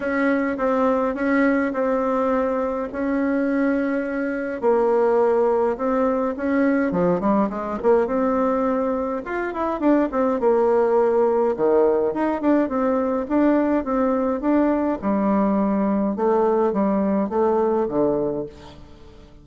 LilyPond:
\new Staff \with { instrumentName = "bassoon" } { \time 4/4 \tempo 4 = 104 cis'4 c'4 cis'4 c'4~ | c'4 cis'2. | ais2 c'4 cis'4 | f8 g8 gis8 ais8 c'2 |
f'8 e'8 d'8 c'8 ais2 | dis4 dis'8 d'8 c'4 d'4 | c'4 d'4 g2 | a4 g4 a4 d4 | }